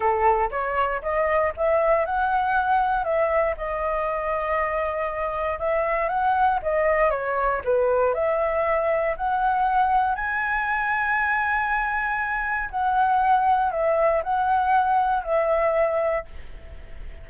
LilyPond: \new Staff \with { instrumentName = "flute" } { \time 4/4 \tempo 4 = 118 a'4 cis''4 dis''4 e''4 | fis''2 e''4 dis''4~ | dis''2. e''4 | fis''4 dis''4 cis''4 b'4 |
e''2 fis''2 | gis''1~ | gis''4 fis''2 e''4 | fis''2 e''2 | }